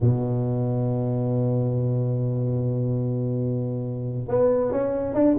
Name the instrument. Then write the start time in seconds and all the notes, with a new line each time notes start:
tuba
0.01 B2
4.28 B3
4.71 C#4
5.14 D4